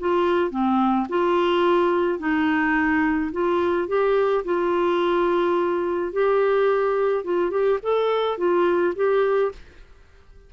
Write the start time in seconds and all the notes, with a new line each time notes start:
0.00 F4
0.51 C4
1.09 F4
2.19 D#4
3.33 F4
3.88 G4
4.45 F4
6.13 G4
7.25 F4
7.51 G4
7.83 A4
8.38 F4
8.96 G4